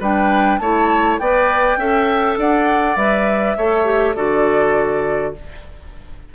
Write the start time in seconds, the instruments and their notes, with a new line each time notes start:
0.00 bassoon G3, clarinet D4, oboe B4, flute G5
0.58 bassoon A3, clarinet E4, oboe C#5, flute A5
1.18 bassoon B3, clarinet B4, oboe D5, flute G5
1.76 bassoon C#4, clarinet A4, oboe E5
2.38 bassoon D4, oboe D5, flute F#5
2.96 bassoon G3, clarinet B4, flute E5
3.57 bassoon A3, clarinet A4, oboe C#5
3.84 clarinet G4
4.15 bassoon D3, clarinet F#4, oboe A4, flute D5